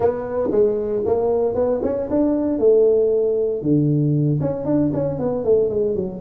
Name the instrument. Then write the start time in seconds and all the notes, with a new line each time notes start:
tuba
0.00 B3
0.51 G#3
1.05 A#3
1.54 B3
1.82 C#4
2.09 D4
2.59 A3
3.62 D3
4.40 C#4
4.65 D4
4.93 C#4
5.19 B3
5.44 A3
5.69 G#3
5.95 F#3